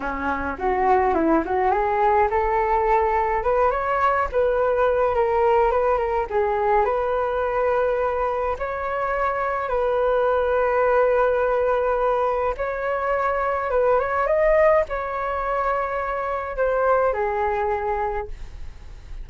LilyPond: \new Staff \with { instrumentName = "flute" } { \time 4/4 \tempo 4 = 105 cis'4 fis'4 e'8 fis'8 gis'4 | a'2 b'8 cis''4 b'8~ | b'4 ais'4 b'8 ais'8 gis'4 | b'2. cis''4~ |
cis''4 b'2.~ | b'2 cis''2 | b'8 cis''8 dis''4 cis''2~ | cis''4 c''4 gis'2 | }